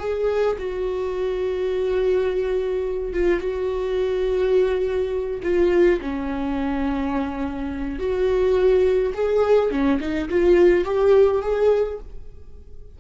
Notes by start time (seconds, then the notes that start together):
0.00 G#4
0.59 F#4
3.14 F4
3.41 F#4
5.43 F4
6.02 C#4
7.99 F#4
9.15 G#4
9.71 C#4
10.01 D#4
10.30 F4
10.85 G4
11.43 G#4